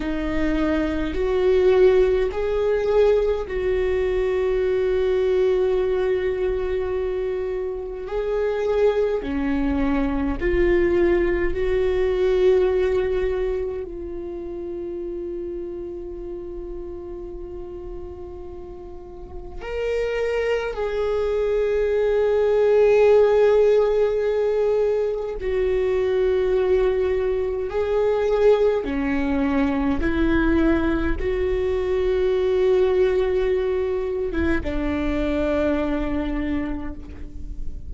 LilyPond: \new Staff \with { instrumentName = "viola" } { \time 4/4 \tempo 4 = 52 dis'4 fis'4 gis'4 fis'4~ | fis'2. gis'4 | cis'4 f'4 fis'2 | f'1~ |
f'4 ais'4 gis'2~ | gis'2 fis'2 | gis'4 cis'4 e'4 fis'4~ | fis'4.~ fis'16 e'16 d'2 | }